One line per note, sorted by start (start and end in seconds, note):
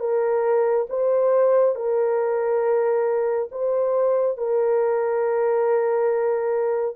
0.00 0.87 A#4
0.90 1.75 C5
1.75 3.49 A#4
3.51 4.38 C5
4.38 6.96 A#4